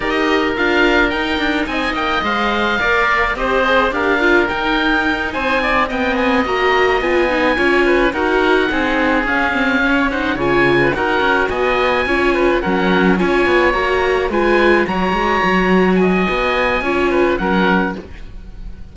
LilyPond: <<
  \new Staff \with { instrumentName = "oboe" } { \time 4/4 \tempo 4 = 107 dis''4 f''4 g''4 gis''8 g''8 | f''2 dis''4 f''4 | g''4. gis''4 g''8 gis''8 ais''8~ | ais''8 gis''2 fis''4.~ |
fis''8 f''4. fis''8 gis''4 fis''8~ | fis''8 gis''2 fis''4 gis''8~ | gis''8 ais''4 gis''4 ais''4.~ | ais''8 gis''2~ gis''8 fis''4 | }
  \new Staff \with { instrumentName = "oboe" } { \time 4/4 ais'2. dis''4~ | dis''4 d''4 c''4 ais'4~ | ais'4. c''8 d''8 dis''4.~ | dis''4. cis''8 b'8 ais'4 gis'8~ |
gis'4. cis''8 c''8 cis''8. b'16 ais'8~ | ais'8 dis''4 cis''8 b'8 ais'4 cis''8~ | cis''4. b'4 cis''4.~ | cis''8 dis''4. cis''8 b'8 ais'4 | }
  \new Staff \with { instrumentName = "viola" } { \time 4/4 g'4 f'4 dis'2 | c''4 ais'4 g'8 gis'8 g'8 f'8 | dis'2~ dis'8 c'4 fis'8~ | fis'8 f'8 dis'8 f'4 fis'4 dis'8~ |
dis'8 cis'8 c'8 cis'8 dis'8 f'4 fis'8~ | fis'4. f'4 cis'4 f'8~ | f'8 fis'4 f'4 fis'4.~ | fis'2 f'4 cis'4 | }
  \new Staff \with { instrumentName = "cello" } { \time 4/4 dis'4 d'4 dis'8 d'8 c'8 ais8 | gis4 ais4 c'4 d'4 | dis'4. c'4 b4 ais8~ | ais8 b4 cis'4 dis'4 c'8~ |
c'8 cis'2 cis4 dis'8 | cis'8 b4 cis'4 fis4 cis'8 | b8 ais4 gis4 fis8 gis8 fis8~ | fis4 b4 cis'4 fis4 | }
>>